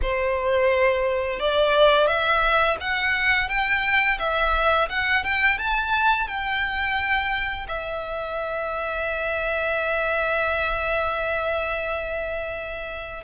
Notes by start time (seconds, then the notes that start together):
0.02 C5
1.39 D5
2.07 E5
2.80 F#5
3.48 G5
4.19 E5
4.89 F#5
5.23 G5
5.58 A5
6.27 G5
7.67 E5